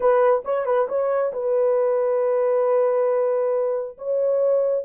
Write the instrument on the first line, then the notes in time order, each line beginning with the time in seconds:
horn
0.00 B4
0.45 C#5
0.65 B4
0.88 C#5
1.32 B4
3.98 C#5